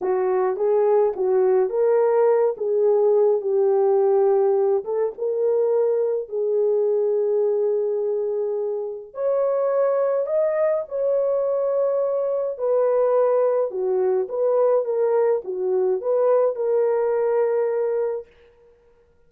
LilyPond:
\new Staff \with { instrumentName = "horn" } { \time 4/4 \tempo 4 = 105 fis'4 gis'4 fis'4 ais'4~ | ais'8 gis'4. g'2~ | g'8 a'8 ais'2 gis'4~ | gis'1 |
cis''2 dis''4 cis''4~ | cis''2 b'2 | fis'4 b'4 ais'4 fis'4 | b'4 ais'2. | }